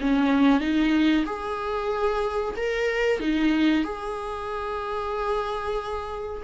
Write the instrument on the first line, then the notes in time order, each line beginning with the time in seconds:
viola
0.00 C#4
0.60 D#4
1.25 G#4
2.56 A#4
3.20 D#4
3.84 G#4